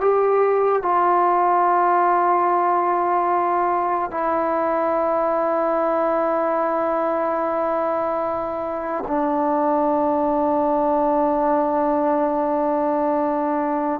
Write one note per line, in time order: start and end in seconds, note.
0.00 0.82 G4
0.82 4.10 F4
4.10 9.03 E4
9.07 14.00 D4